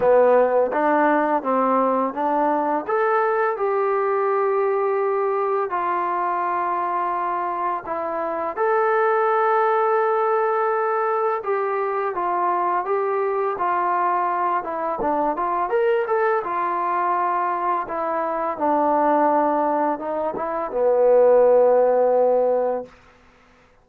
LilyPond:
\new Staff \with { instrumentName = "trombone" } { \time 4/4 \tempo 4 = 84 b4 d'4 c'4 d'4 | a'4 g'2. | f'2. e'4 | a'1 |
g'4 f'4 g'4 f'4~ | f'8 e'8 d'8 f'8 ais'8 a'8 f'4~ | f'4 e'4 d'2 | dis'8 e'8 b2. | }